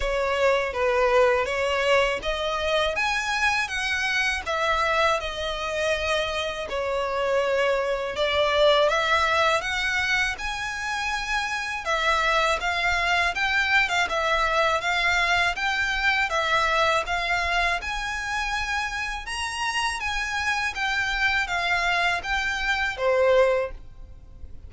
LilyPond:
\new Staff \with { instrumentName = "violin" } { \time 4/4 \tempo 4 = 81 cis''4 b'4 cis''4 dis''4 | gis''4 fis''4 e''4 dis''4~ | dis''4 cis''2 d''4 | e''4 fis''4 gis''2 |
e''4 f''4 g''8. f''16 e''4 | f''4 g''4 e''4 f''4 | gis''2 ais''4 gis''4 | g''4 f''4 g''4 c''4 | }